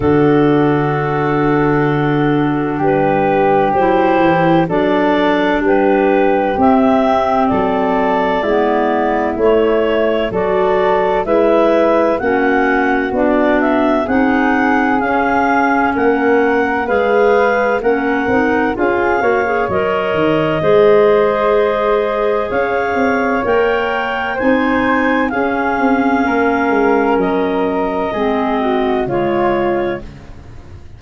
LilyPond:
<<
  \new Staff \with { instrumentName = "clarinet" } { \time 4/4 \tempo 4 = 64 a'2. b'4 | c''4 d''4 b'4 e''4 | d''2 cis''4 d''4 | e''4 fis''4 d''8 e''8 fis''4 |
f''4 fis''4 f''4 fis''4 | f''4 dis''2. | f''4 g''4 gis''4 f''4~ | f''4 dis''2 cis''4 | }
  \new Staff \with { instrumentName = "flute" } { \time 4/4 fis'2. g'4~ | g'4 a'4 g'2 | a'4 e'2 a'4 | b'4 fis'2 gis'4~ |
gis'4 ais'4 b'4 ais'4 | gis'8 cis''4. c''2 | cis''2 c''4 gis'4 | ais'2 gis'8 fis'8 f'4 | }
  \new Staff \with { instrumentName = "clarinet" } { \time 4/4 d'1 | e'4 d'2 c'4~ | c'4 b4 a4 fis'4 | e'4 cis'4 d'4 dis'4 |
cis'2 gis'4 cis'8 dis'8 | f'8 fis'16 gis'16 ais'4 gis'2~ | gis'4 ais'4 dis'4 cis'4~ | cis'2 c'4 gis4 | }
  \new Staff \with { instrumentName = "tuba" } { \time 4/4 d2. g4 | fis8 e8 fis4 g4 c'4 | fis4 gis4 a4 fis4 | gis4 ais4 b4 c'4 |
cis'4 ais4 gis4 ais8 c'8 | cis'8 ais8 fis8 dis8 gis2 | cis'8 c'8 ais4 c'4 cis'8 c'8 | ais8 gis8 fis4 gis4 cis4 | }
>>